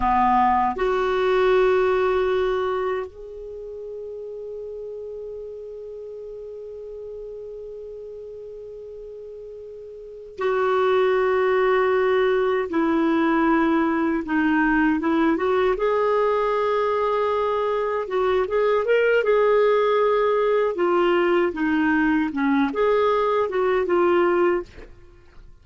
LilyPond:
\new Staff \with { instrumentName = "clarinet" } { \time 4/4 \tempo 4 = 78 b4 fis'2. | gis'1~ | gis'1~ | gis'4. fis'2~ fis'8~ |
fis'8 e'2 dis'4 e'8 | fis'8 gis'2. fis'8 | gis'8 ais'8 gis'2 f'4 | dis'4 cis'8 gis'4 fis'8 f'4 | }